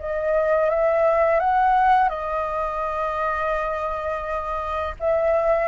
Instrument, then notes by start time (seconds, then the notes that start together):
flute
0.00 D#5
0.70 E5
1.40 F#5
2.09 D#5
5.00 E5